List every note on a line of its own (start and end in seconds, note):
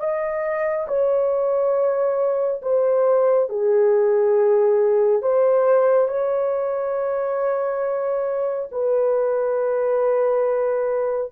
0.00 0.87 D#5
0.88 2.62 C#5
2.62 3.49 C5
3.49 5.22 G#4
5.22 6.08 C5
6.08 8.69 C#5
8.72 11.32 B4